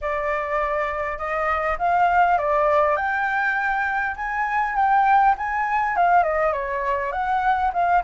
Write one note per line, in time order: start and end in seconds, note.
0.01 1.17 D5
1.17 1.77 D#5
1.78 2.38 F5
2.38 2.96 D5
2.96 4.15 G5
4.16 4.75 G#5
4.75 5.35 G5
5.37 5.96 G#5
5.96 6.23 F5
6.23 6.52 D#5
6.52 7.12 C#5
7.12 7.71 F#5
7.73 8.03 F5